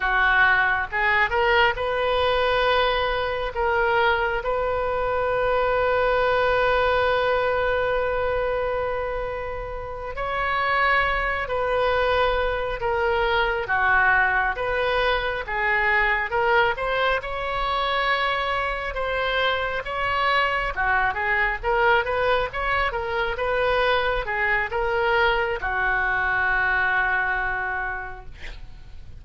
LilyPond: \new Staff \with { instrumentName = "oboe" } { \time 4/4 \tempo 4 = 68 fis'4 gis'8 ais'8 b'2 | ais'4 b'2.~ | b'2.~ b'8 cis''8~ | cis''4 b'4. ais'4 fis'8~ |
fis'8 b'4 gis'4 ais'8 c''8 cis''8~ | cis''4. c''4 cis''4 fis'8 | gis'8 ais'8 b'8 cis''8 ais'8 b'4 gis'8 | ais'4 fis'2. | }